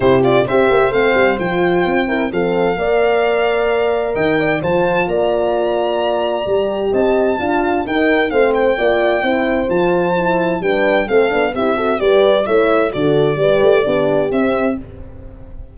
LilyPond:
<<
  \new Staff \with { instrumentName = "violin" } { \time 4/4 \tempo 4 = 130 c''8 d''8 e''4 f''4 g''4~ | g''4 f''2.~ | f''4 g''4 a''4 ais''4~ | ais''2. a''4~ |
a''4 g''4 f''8 g''4.~ | g''4 a''2 g''4 | f''4 e''4 d''4 e''4 | d''2. e''4 | }
  \new Staff \with { instrumentName = "horn" } { \time 4/4 g'4 c''2.~ | c''8 ais'8 a'4 d''2~ | d''4 dis''8 d''8 c''4 d''4~ | d''2. dis''4 |
f''4 ais'4 c''4 d''4 | c''2. b'4 | a'4 g'8 a'8 b'4 cis''4 | a'4 b'4 g'2 | }
  \new Staff \with { instrumentName = "horn" } { \time 4/4 e'8 f'8 g'4 c'4 f'4~ | f'8 e'8 c'4 ais'2~ | ais'2 f'2~ | f'2 g'2 |
f'4 dis'4 c'4 f'4 | e'4 f'4 e'4 d'4 | c'8 d'8 e'8 fis'8 g'4 e'4 | fis'4 g'4 d'4 c'4 | }
  \new Staff \with { instrumentName = "tuba" } { \time 4/4 c4 c'8 ais8 a8 g8 f4 | c'4 f4 ais2~ | ais4 dis4 f4 ais4~ | ais2 g4 c'4 |
d'4 dis'4 a4 ais4 | c'4 f2 g4 | a8 b8 c'4 g4 a4 | d4 g8 a8 b4 c'4 | }
>>